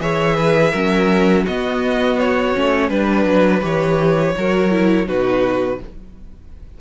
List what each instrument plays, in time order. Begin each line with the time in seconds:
0.00 cello E3, viola G#4, violin C#5 E5
0.36 violin B4
0.71 cello F#3, viola C#4, violin A#4
1.43 cello B3, viola B3, violin F#4 D#5
2.20 violin C#5
2.55 cello A3, viola C#4
2.89 cello G3, viola D4, violin B4
3.25 cello F#3
3.62 cello E3, viola G4, violin C#5
4.37 cello F#3, viola F#4, violin A#4
4.71 viola E4
5.07 cello B2, viola D#4, violin F#4 B4